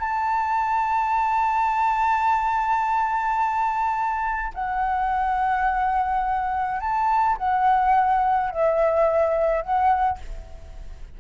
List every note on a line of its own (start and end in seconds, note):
0.00 4.53 A5
4.55 6.81 F#5
6.81 7.37 A5
7.38 8.51 F#5
8.51 9.62 E5
9.62 10.19 F#5